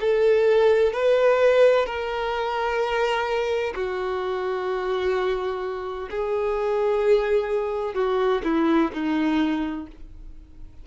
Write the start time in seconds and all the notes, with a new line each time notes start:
0.00 A4
0.92 B4
1.86 A#4
3.74 F#4
6.10 G#4
7.94 F#4
8.44 E4
8.93 D#4